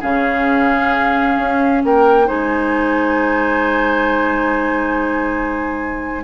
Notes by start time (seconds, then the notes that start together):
0.00 C#3 C#4 G#4 F5
1.37 C#4
1.84 A#3 A#4 G5
2.25 G#3 D#4 C5 G#5